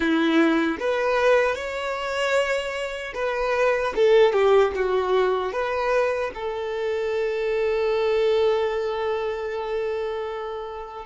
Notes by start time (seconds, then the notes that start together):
0.00 E4
0.79 B4
1.55 C#5
3.14 B4
3.95 A4
4.32 G4
4.75 F#4
5.52 B4
6.34 A4